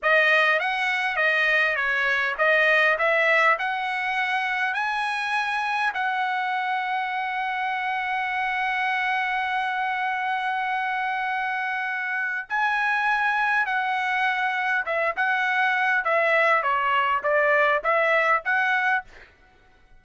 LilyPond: \new Staff \with { instrumentName = "trumpet" } { \time 4/4 \tempo 4 = 101 dis''4 fis''4 dis''4 cis''4 | dis''4 e''4 fis''2 | gis''2 fis''2~ | fis''1~ |
fis''1~ | fis''4 gis''2 fis''4~ | fis''4 e''8 fis''4. e''4 | cis''4 d''4 e''4 fis''4 | }